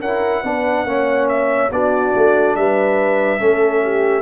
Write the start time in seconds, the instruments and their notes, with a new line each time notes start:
0.00 tuba C#4, trombone E4, horn A#4, trumpet F#5
0.43 tuba B3, trombone D4, horn B4
0.84 tuba A#3, trombone C#4, horn C#5
1.28 trumpet E5
1.71 tuba B3, trombone D4, horn F#4, trumpet D5
2.15 tuba A3
2.55 tuba G3, horn B4, trumpet E5
3.39 tuba A3, trombone C#4, horn A4
3.83 horn G4